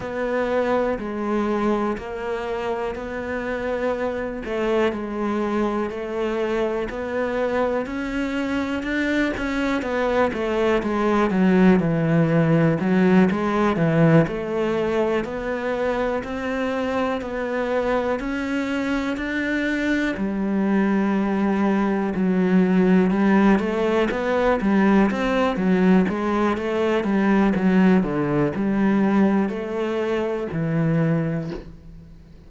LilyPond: \new Staff \with { instrumentName = "cello" } { \time 4/4 \tempo 4 = 61 b4 gis4 ais4 b4~ | b8 a8 gis4 a4 b4 | cis'4 d'8 cis'8 b8 a8 gis8 fis8 | e4 fis8 gis8 e8 a4 b8~ |
b8 c'4 b4 cis'4 d'8~ | d'8 g2 fis4 g8 | a8 b8 g8 c'8 fis8 gis8 a8 g8 | fis8 d8 g4 a4 e4 | }